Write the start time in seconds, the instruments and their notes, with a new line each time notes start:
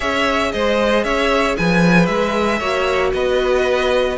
0.00 cello C#4, viola G#4, violin C#5 E5
0.51 cello G#3, violin C5 D#5
1.04 cello C#4, violin C#5 E5
1.57 cello F3, violin B4 G#5
2.06 cello G#3, violin E5
2.58 cello A#3, viola F#4, violin C#5
3.13 cello B3, violin B4 D#5